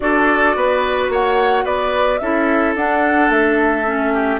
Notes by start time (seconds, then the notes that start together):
0.00 D4 F#4 A4 D5
0.55 B3 B4
1.09 A#3 C#5 F#5
1.64 B3 B4 D5
2.18 C#4 E4 A4 E5
2.75 D4 F#5
3.29 A3 E5
3.85 C#4
4.13 G4